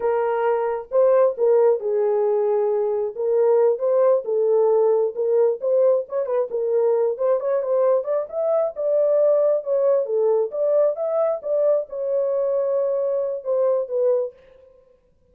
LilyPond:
\new Staff \with { instrumentName = "horn" } { \time 4/4 \tempo 4 = 134 ais'2 c''4 ais'4 | gis'2. ais'4~ | ais'8 c''4 a'2 ais'8~ | ais'8 c''4 cis''8 b'8 ais'4. |
c''8 cis''8 c''4 d''8 e''4 d''8~ | d''4. cis''4 a'4 d''8~ | d''8 e''4 d''4 cis''4.~ | cis''2 c''4 b'4 | }